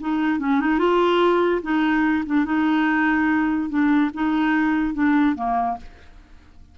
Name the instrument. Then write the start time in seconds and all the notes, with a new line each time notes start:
clarinet
0.00 D#4
0.39 C#4
0.60 D#4
0.78 F4
1.62 D#4
2.26 D4
2.45 D#4
3.69 D4
4.14 D#4
4.94 D4
5.35 A#3